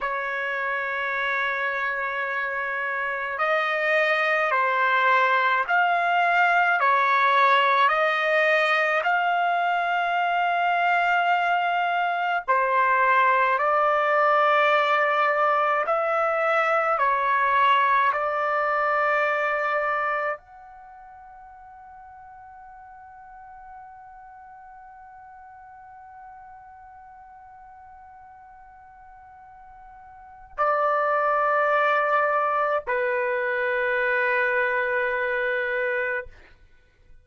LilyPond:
\new Staff \with { instrumentName = "trumpet" } { \time 4/4 \tempo 4 = 53 cis''2. dis''4 | c''4 f''4 cis''4 dis''4 | f''2. c''4 | d''2 e''4 cis''4 |
d''2 fis''2~ | fis''1~ | fis''2. d''4~ | d''4 b'2. | }